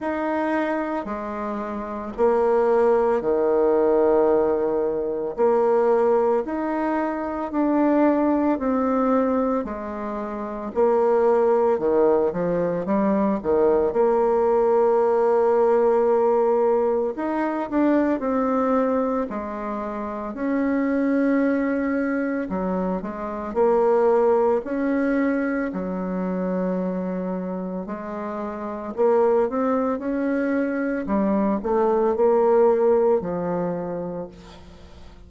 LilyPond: \new Staff \with { instrumentName = "bassoon" } { \time 4/4 \tempo 4 = 56 dis'4 gis4 ais4 dis4~ | dis4 ais4 dis'4 d'4 | c'4 gis4 ais4 dis8 f8 | g8 dis8 ais2. |
dis'8 d'8 c'4 gis4 cis'4~ | cis'4 fis8 gis8 ais4 cis'4 | fis2 gis4 ais8 c'8 | cis'4 g8 a8 ais4 f4 | }